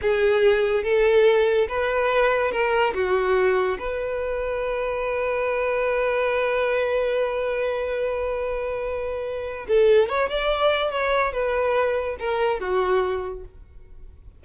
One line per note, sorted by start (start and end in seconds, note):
0.01 0.83 G#4
0.83 1.67 A4
1.68 2.51 B4
2.51 2.93 A#4
2.94 3.78 F#4
3.79 9.66 B4
9.68 10.08 A4
10.08 10.29 C#5
10.29 10.91 D5
10.91 11.32 C#5
11.32 12.16 B4
12.19 12.60 A#4
12.60 13.44 F#4